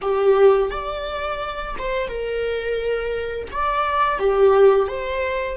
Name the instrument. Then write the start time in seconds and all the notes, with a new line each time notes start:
viola
0.01 G4
0.70 D5
1.78 C5
2.08 A#4
3.51 D5
4.19 G4
4.88 C5